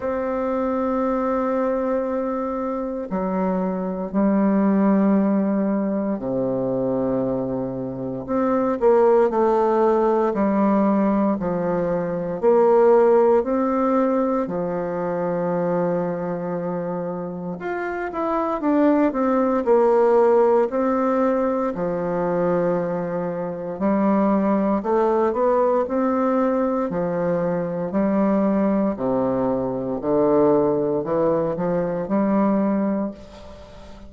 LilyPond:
\new Staff \with { instrumentName = "bassoon" } { \time 4/4 \tempo 4 = 58 c'2. fis4 | g2 c2 | c'8 ais8 a4 g4 f4 | ais4 c'4 f2~ |
f4 f'8 e'8 d'8 c'8 ais4 | c'4 f2 g4 | a8 b8 c'4 f4 g4 | c4 d4 e8 f8 g4 | }